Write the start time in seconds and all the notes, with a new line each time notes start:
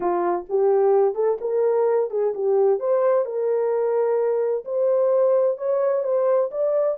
0.00 F4
0.49 G4
1.15 A4
1.40 A#4
2.10 G#4
2.34 G4
2.79 C5
3.25 A#4
4.64 C5
5.57 C#5
6.03 C5
6.51 D5